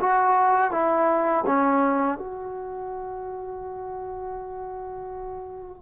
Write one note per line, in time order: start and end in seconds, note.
0.00 0.72 F#4
0.72 1.45 E4
1.46 2.18 C#4
2.18 5.82 F#4